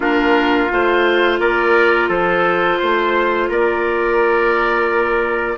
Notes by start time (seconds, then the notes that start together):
0.00 A#3 D4 F4 A#4
0.69 A3 F4 C5
1.39 A#3 A#4 D5
2.08 F3 A4 C5
2.79 A3 C5
3.49 A#3 A#4 D5